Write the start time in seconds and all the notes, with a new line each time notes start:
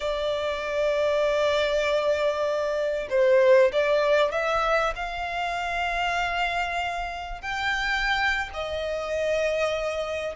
0.00 D5
3.09 C5
3.72 D5
4.31 E5
4.95 F5
7.41 G5
8.53 D#5